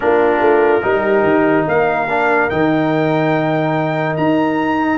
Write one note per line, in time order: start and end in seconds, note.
0.00 0.40 A#3
0.00 0.81 D4
0.00 0.86 F4
0.00 1.66 A#4
0.40 0.82 A3
0.82 1.23 G3
0.82 2.07 D#4
0.82 1.68 G4
1.23 1.64 D#3
1.67 2.50 A#3
1.67 4.98 A#4
1.67 2.49 F5
2.09 2.49 D4
2.49 4.17 D#3
2.49 4.98 D#4
2.49 4.16 G5
4.16 4.98 D#4
4.16 4.98 A#5